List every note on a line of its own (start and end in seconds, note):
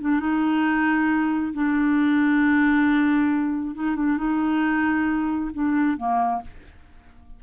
0.00 0.19 D4
0.19 1.53 D#4
1.53 3.75 D4
3.75 3.95 D#4
3.95 4.17 D4
4.17 5.51 D#4
5.53 5.97 D4
5.97 6.41 A#3